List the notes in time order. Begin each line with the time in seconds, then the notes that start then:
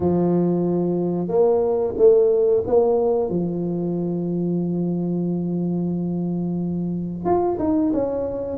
0.00 F3
1.28 A#3
1.97 A3
2.66 A#3
3.29 F3
7.25 F4
7.59 D#4
7.92 C#4